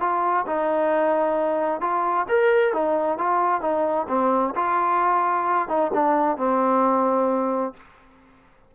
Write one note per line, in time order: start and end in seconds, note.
0.00 0.45 F4
0.46 1.81 D#4
1.81 2.26 F4
2.29 2.73 A#4
2.73 3.18 D#4
3.18 3.61 F4
3.61 4.07 D#4
4.08 4.54 C4
4.55 5.69 F4
5.69 5.91 D#4
5.94 6.37 D4
6.37 7.73 C4